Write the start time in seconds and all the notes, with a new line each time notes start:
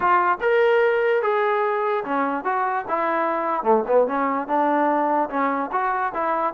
0.00 F4
0.40 A#4
1.22 G#4
2.04 C#4
2.44 F#4
2.88 E4
3.63 A3
3.87 B3
4.07 C#4
4.47 D4
5.29 C#4
5.72 F#4
6.14 E4